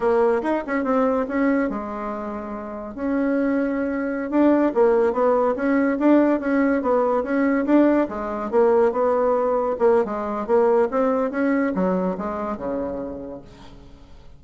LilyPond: \new Staff \with { instrumentName = "bassoon" } { \time 4/4 \tempo 4 = 143 ais4 dis'8 cis'8 c'4 cis'4 | gis2. cis'4~ | cis'2~ cis'16 d'4 ais8.~ | ais16 b4 cis'4 d'4 cis'8.~ |
cis'16 b4 cis'4 d'4 gis8.~ | gis16 ais4 b2 ais8. | gis4 ais4 c'4 cis'4 | fis4 gis4 cis2 | }